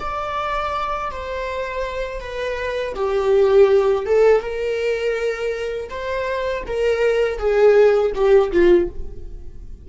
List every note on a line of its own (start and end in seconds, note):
0.00 1.11 D5
1.11 2.21 C5
2.21 2.95 B4
2.95 4.06 G4
4.06 4.41 A4
4.41 5.89 A#4
5.90 6.64 C5
6.67 7.38 A#4
7.38 8.12 G#4
8.14 8.52 G4
8.52 8.89 F4